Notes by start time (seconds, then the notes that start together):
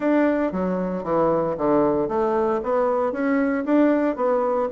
0.00 D4
0.51 F#3
1.03 E3
1.57 D3
2.08 A3
2.63 B3
3.12 C#4
3.65 D4
4.16 B3